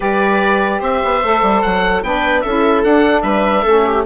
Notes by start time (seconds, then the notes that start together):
0.00 G3 G4 B4 D5
0.80 C4 C5 E5
1.04 B3
1.23 A3 A4
1.42 G3
1.61 F#3 F#5
2.03 B3 D4 B4 G5
2.41 C#4 A4 E5
2.47 E4
2.83 D4 F#5
3.22 G3 B4 E5
3.62 A3 C#4 A4
3.86 G4